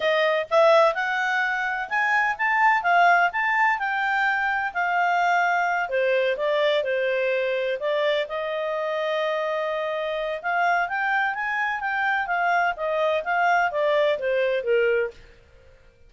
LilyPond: \new Staff \with { instrumentName = "clarinet" } { \time 4/4 \tempo 4 = 127 dis''4 e''4 fis''2 | gis''4 a''4 f''4 a''4 | g''2 f''2~ | f''8 c''4 d''4 c''4.~ |
c''8 d''4 dis''2~ dis''8~ | dis''2 f''4 g''4 | gis''4 g''4 f''4 dis''4 | f''4 d''4 c''4 ais'4 | }